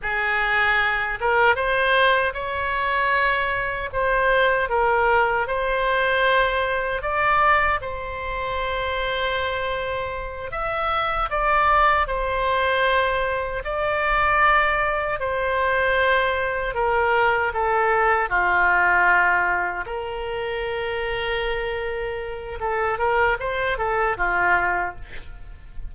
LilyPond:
\new Staff \with { instrumentName = "oboe" } { \time 4/4 \tempo 4 = 77 gis'4. ais'8 c''4 cis''4~ | cis''4 c''4 ais'4 c''4~ | c''4 d''4 c''2~ | c''4. e''4 d''4 c''8~ |
c''4. d''2 c''8~ | c''4. ais'4 a'4 f'8~ | f'4. ais'2~ ais'8~ | ais'4 a'8 ais'8 c''8 a'8 f'4 | }